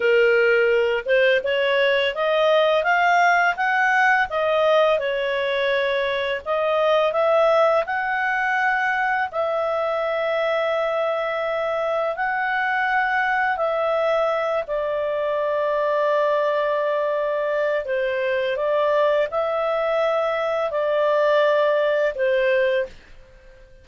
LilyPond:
\new Staff \with { instrumentName = "clarinet" } { \time 4/4 \tempo 4 = 84 ais'4. c''8 cis''4 dis''4 | f''4 fis''4 dis''4 cis''4~ | cis''4 dis''4 e''4 fis''4~ | fis''4 e''2.~ |
e''4 fis''2 e''4~ | e''8 d''2.~ d''8~ | d''4 c''4 d''4 e''4~ | e''4 d''2 c''4 | }